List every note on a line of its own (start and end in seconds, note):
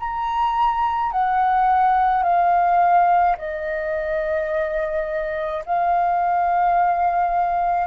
0.00 1.12 A#5
1.12 2.24 F#5
2.24 3.37 F5
3.38 5.64 D#5
5.67 7.88 F5